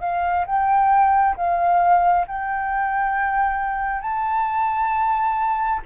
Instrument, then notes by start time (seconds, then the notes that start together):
flute
0.00 F5
0.46 G5
1.36 F5
2.27 G5
4.01 A5